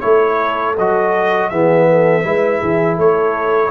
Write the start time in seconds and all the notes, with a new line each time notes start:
0.00 A3 E4 A4 C#5
0.77 F#3 F#4 D#5
1.49 E3 B3 G#4 E5
1.89 A4
2.23 G#3 E4 B4
2.61 E3 G#4
2.97 A3 A4 C#5